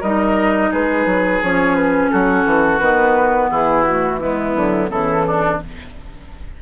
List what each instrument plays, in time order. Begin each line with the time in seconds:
0.00 bassoon G3, clarinet D#4, oboe A#4, flute D#5
0.71 bassoon G#3, oboe G#4, flute B4
1.06 bassoon F#3
1.42 bassoon F3, clarinet C#4, flute C#5
1.75 flute B4
2.10 bassoon F#3, oboe F#4, flute A4
2.45 bassoon E3
2.79 bassoon D#3, clarinet B3, flute B4
3.50 bassoon E3, oboe E4, flute G#4
3.83 clarinet A3, flute F#4
4.19 clarinet G#3, oboe B3, flute E4
4.55 bassoon D3, clarinet F#3
4.89 bassoon C#3, clarinet E3, oboe E4, flute A4
5.27 oboe D4